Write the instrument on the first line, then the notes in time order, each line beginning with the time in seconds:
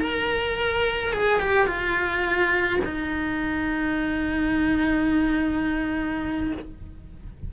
cello
0.00 A#4
1.13 G#4
1.40 G4
1.67 F4
2.85 D#4